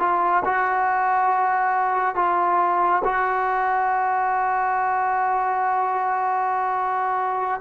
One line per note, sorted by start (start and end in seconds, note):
0.00 0.43 F4
0.45 2.16 F#4
2.16 3.03 F4
3.05 7.61 F#4